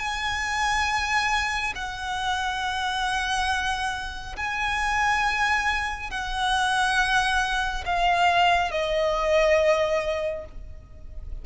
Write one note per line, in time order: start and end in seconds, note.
0.00 1.74 G#5
1.75 4.36 F#5
4.37 6.11 G#5
6.11 7.85 F#5
7.86 8.72 F5
8.72 10.45 D#5